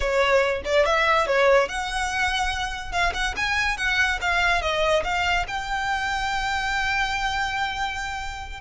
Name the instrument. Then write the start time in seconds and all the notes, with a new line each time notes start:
violin
0.00 C#5
0.64 D5
0.85 E5
1.26 C#5
1.68 F#5
2.92 F5
3.13 F#5
3.36 G#5
3.77 F#5
4.21 F5
4.61 D#5
5.03 F5
5.47 G5